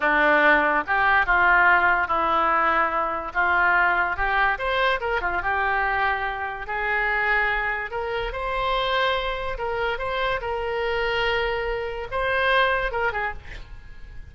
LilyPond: \new Staff \with { instrumentName = "oboe" } { \time 4/4 \tempo 4 = 144 d'2 g'4 f'4~ | f'4 e'2. | f'2 g'4 c''4 | ais'8 f'8 g'2. |
gis'2. ais'4 | c''2. ais'4 | c''4 ais'2.~ | ais'4 c''2 ais'8 gis'8 | }